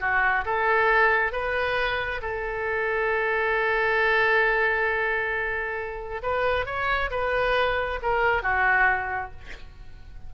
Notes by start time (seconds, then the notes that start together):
0.00 F#4
0.45 A4
1.32 B4
2.22 A4
6.22 B4
6.65 C#5
7.11 B4
8.02 A#4
8.42 F#4